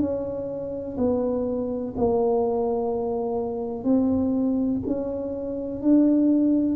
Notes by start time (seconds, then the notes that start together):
0.00 C#4
0.98 B3
1.98 A#3
3.84 C4
4.87 C#4
5.82 D4